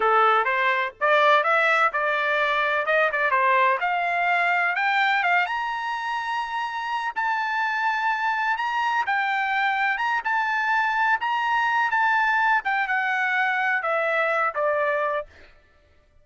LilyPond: \new Staff \with { instrumentName = "trumpet" } { \time 4/4 \tempo 4 = 126 a'4 c''4 d''4 e''4 | d''2 dis''8 d''8 c''4 | f''2 g''4 f''8 ais''8~ | ais''2. a''4~ |
a''2 ais''4 g''4~ | g''4 ais''8 a''2 ais''8~ | ais''4 a''4. g''8 fis''4~ | fis''4 e''4. d''4. | }